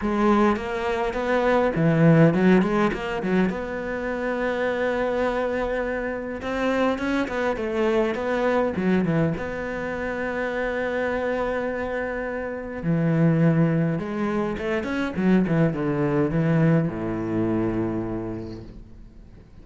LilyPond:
\new Staff \with { instrumentName = "cello" } { \time 4/4 \tempo 4 = 103 gis4 ais4 b4 e4 | fis8 gis8 ais8 fis8 b2~ | b2. c'4 | cis'8 b8 a4 b4 fis8 e8 |
b1~ | b2 e2 | gis4 a8 cis'8 fis8 e8 d4 | e4 a,2. | }